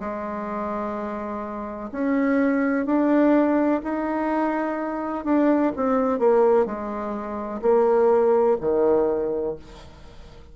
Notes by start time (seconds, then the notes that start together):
0.00 G#3
1.92 C#4
2.86 D4
3.84 D#4
5.25 D4
5.77 C4
6.19 A#3
6.66 G#3
7.62 A#3
8.61 D#3